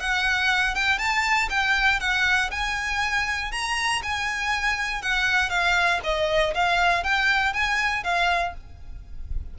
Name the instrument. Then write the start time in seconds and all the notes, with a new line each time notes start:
violin
0.00 F#5
0.75 G5
0.98 A5
1.50 G5
2.00 F#5
2.51 G#5
3.52 A#5
4.03 G#5
5.02 F#5
5.50 F5
6.04 D#5
6.55 F5
7.04 G5
7.53 G#5
8.04 F5